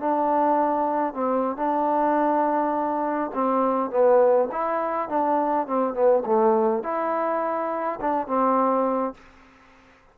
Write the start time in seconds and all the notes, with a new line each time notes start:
0.00 D4
1.14 C4
1.57 D4
3.34 C4
3.91 B3
4.52 E4
5.09 D4
5.67 C4
5.94 B3
6.26 A3
6.84 E4
8.01 D4
8.28 C4